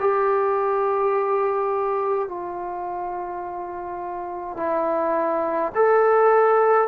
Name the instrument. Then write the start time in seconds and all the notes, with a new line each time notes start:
trombone
0.00 G4
2.28 F4
4.57 E4
5.75 A4